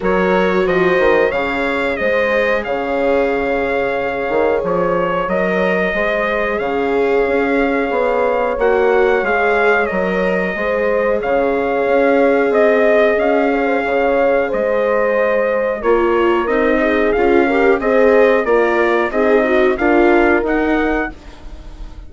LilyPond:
<<
  \new Staff \with { instrumentName = "trumpet" } { \time 4/4 \tempo 4 = 91 cis''4 dis''4 f''4 dis''4 | f''2. cis''4 | dis''2 f''2~ | f''4 fis''4 f''4 dis''4~ |
dis''4 f''2 dis''4 | f''2 dis''2 | cis''4 dis''4 f''4 dis''4 | d''4 dis''4 f''4 fis''4 | }
  \new Staff \with { instrumentName = "horn" } { \time 4/4 ais'4 c''4 cis''4 c''4 | cis''1~ | cis''4 c''4 cis''2~ | cis''1 |
c''4 cis''2 dis''4~ | dis''8 cis''16 c''16 cis''4 c''2 | ais'4. gis'4 ais'8 c''4 | f'4 dis'4 ais'2 | }
  \new Staff \with { instrumentName = "viola" } { \time 4/4 fis'2 gis'2~ | gis'1 | ais'4 gis'2.~ | gis'4 fis'4 gis'4 ais'4 |
gis'1~ | gis'1 | f'4 dis'4 f'8 g'8 gis'4 | ais'4 gis'8 fis'8 f'4 dis'4 | }
  \new Staff \with { instrumentName = "bassoon" } { \time 4/4 fis4 f8 dis8 cis4 gis4 | cis2~ cis8 dis8 f4 | fis4 gis4 cis4 cis'4 | b4 ais4 gis4 fis4 |
gis4 cis4 cis'4 c'4 | cis'4 cis4 gis2 | ais4 c'4 cis'4 c'4 | ais4 c'4 d'4 dis'4 | }
>>